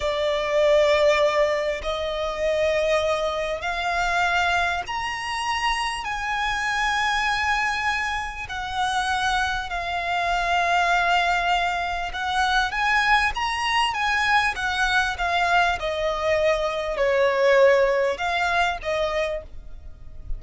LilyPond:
\new Staff \with { instrumentName = "violin" } { \time 4/4 \tempo 4 = 99 d''2. dis''4~ | dis''2 f''2 | ais''2 gis''2~ | gis''2 fis''2 |
f''1 | fis''4 gis''4 ais''4 gis''4 | fis''4 f''4 dis''2 | cis''2 f''4 dis''4 | }